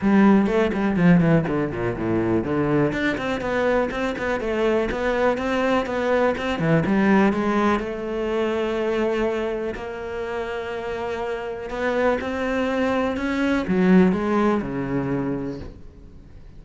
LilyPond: \new Staff \with { instrumentName = "cello" } { \time 4/4 \tempo 4 = 123 g4 a8 g8 f8 e8 d8 ais,8 | a,4 d4 d'8 c'8 b4 | c'8 b8 a4 b4 c'4 | b4 c'8 e8 g4 gis4 |
a1 | ais1 | b4 c'2 cis'4 | fis4 gis4 cis2 | }